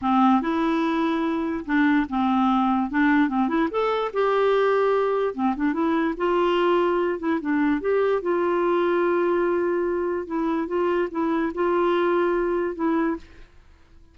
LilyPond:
\new Staff \with { instrumentName = "clarinet" } { \time 4/4 \tempo 4 = 146 c'4 e'2. | d'4 c'2 d'4 | c'8 e'8 a'4 g'2~ | g'4 c'8 d'8 e'4 f'4~ |
f'4. e'8 d'4 g'4 | f'1~ | f'4 e'4 f'4 e'4 | f'2. e'4 | }